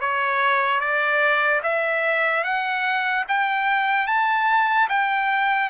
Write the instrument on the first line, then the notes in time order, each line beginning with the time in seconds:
trumpet
0.00 C#5
0.80 D5
1.63 E5
2.43 F#5
3.28 G5
4.07 A5
4.88 G5